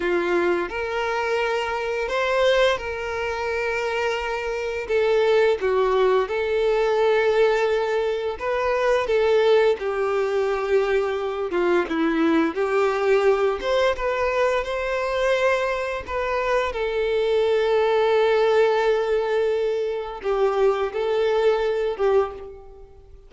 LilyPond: \new Staff \with { instrumentName = "violin" } { \time 4/4 \tempo 4 = 86 f'4 ais'2 c''4 | ais'2. a'4 | fis'4 a'2. | b'4 a'4 g'2~ |
g'8 f'8 e'4 g'4. c''8 | b'4 c''2 b'4 | a'1~ | a'4 g'4 a'4. g'8 | }